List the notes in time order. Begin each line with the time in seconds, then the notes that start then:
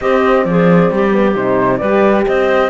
0.00 C4 G4 D#5
0.44 F3 G#4 D5
0.91 G3 G4
1.11 B3
1.35 C3 D#4 C5
1.77 G3 G4 B4 D5
2.26 C4 C5 D#5